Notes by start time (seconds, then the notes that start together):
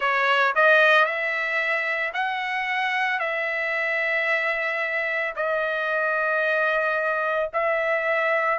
0.00 C#5
0.55 D#5
1.05 E5
2.13 F#5
3.19 E5
5.36 D#5
7.53 E5